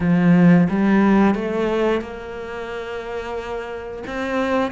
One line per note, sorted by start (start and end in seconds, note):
0.00 0.67 F3
0.69 1.35 G3
1.35 2.01 A3
2.01 4.03 A#3
4.06 4.71 C4